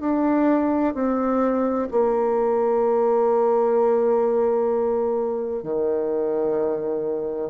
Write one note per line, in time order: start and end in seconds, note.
0.00 0.94 D4
0.94 1.87 C4
1.91 5.62 A#3
5.62 7.50 D#3